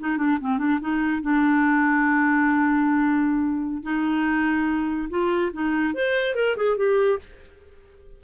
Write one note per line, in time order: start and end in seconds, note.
0.00 0.18 D#4
0.18 0.39 D4
0.41 0.59 C4
0.59 0.80 D4
0.81 1.22 D#4
1.22 3.83 D4
3.83 5.09 D#4
5.10 5.52 F4
5.53 5.94 D#4
5.94 6.35 C5
6.35 6.56 A#4
6.57 6.77 G#4
6.77 7.19 G4